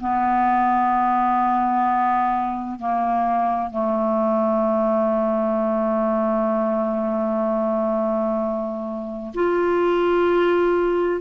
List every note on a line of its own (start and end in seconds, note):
0.00 2.79 B3
2.79 3.70 A#3
3.70 9.32 A3
9.34 11.21 F4